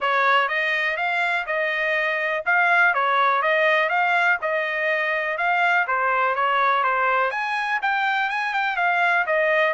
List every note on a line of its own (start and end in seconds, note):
0.00 0.48 C#5
0.48 0.96 D#5
0.96 1.45 F5
1.46 2.44 D#5
2.45 2.94 F5
2.94 3.41 C#5
3.41 3.89 D#5
3.89 4.38 F5
4.41 5.37 D#5
5.37 5.86 F5
5.87 6.35 C5
6.35 6.83 C#5
6.83 7.31 C5
7.31 7.79 G#5
7.82 8.29 G5
8.29 8.53 G#5
8.53 8.76 G5
8.76 9.25 F5
9.26 9.73 D#5